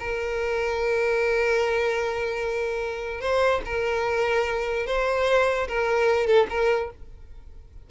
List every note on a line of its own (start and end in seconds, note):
0.00 3.21 A#4
3.21 3.62 C5
3.66 4.87 A#4
4.87 5.68 C5
5.68 6.27 A#4
6.27 6.47 A4
6.50 6.91 A#4